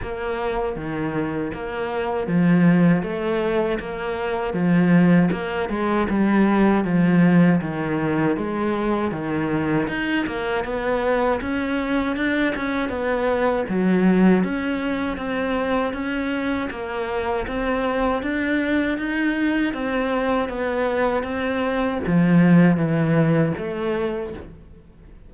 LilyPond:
\new Staff \with { instrumentName = "cello" } { \time 4/4 \tempo 4 = 79 ais4 dis4 ais4 f4 | a4 ais4 f4 ais8 gis8 | g4 f4 dis4 gis4 | dis4 dis'8 ais8 b4 cis'4 |
d'8 cis'8 b4 fis4 cis'4 | c'4 cis'4 ais4 c'4 | d'4 dis'4 c'4 b4 | c'4 f4 e4 a4 | }